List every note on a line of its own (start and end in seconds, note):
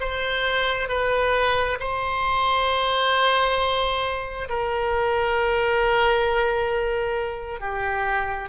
0.00 0.89 C5
0.89 1.78 B4
1.80 4.49 C5
4.49 7.60 A#4
7.60 8.49 G4